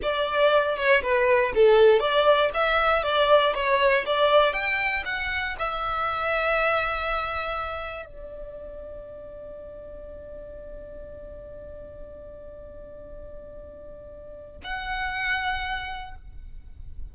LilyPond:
\new Staff \with { instrumentName = "violin" } { \time 4/4 \tempo 4 = 119 d''4. cis''8 b'4 a'4 | d''4 e''4 d''4 cis''4 | d''4 g''4 fis''4 e''4~ | e''1 |
d''1~ | d''1~ | d''1~ | d''4 fis''2. | }